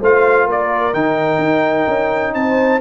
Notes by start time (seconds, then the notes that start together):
0.00 A3 F4 C5 F5
0.46 A#3 A#4 D5
0.94 D#3 D#4 G5
1.39 D#4
1.88 C#4
2.34 C4 C5 A5